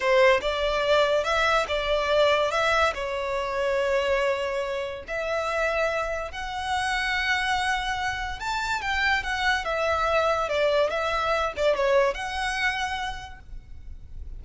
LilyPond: \new Staff \with { instrumentName = "violin" } { \time 4/4 \tempo 4 = 143 c''4 d''2 e''4 | d''2 e''4 cis''4~ | cis''1 | e''2. fis''4~ |
fis''1 | a''4 g''4 fis''4 e''4~ | e''4 d''4 e''4. d''8 | cis''4 fis''2. | }